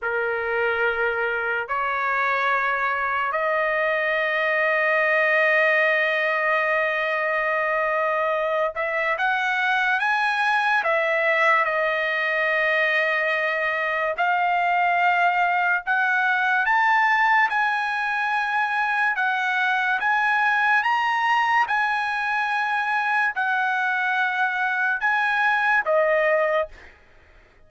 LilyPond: \new Staff \with { instrumentName = "trumpet" } { \time 4/4 \tempo 4 = 72 ais'2 cis''2 | dis''1~ | dis''2~ dis''8 e''8 fis''4 | gis''4 e''4 dis''2~ |
dis''4 f''2 fis''4 | a''4 gis''2 fis''4 | gis''4 ais''4 gis''2 | fis''2 gis''4 dis''4 | }